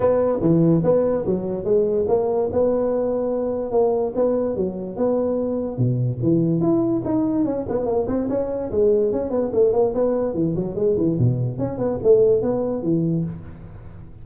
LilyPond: \new Staff \with { instrumentName = "tuba" } { \time 4/4 \tempo 4 = 145 b4 e4 b4 fis4 | gis4 ais4 b2~ | b4 ais4 b4 fis4 | b2 b,4 e4 |
e'4 dis'4 cis'8 b8 ais8 c'8 | cis'4 gis4 cis'8 b8 a8 ais8 | b4 e8 fis8 gis8 e8 b,4 | cis'8 b8 a4 b4 e4 | }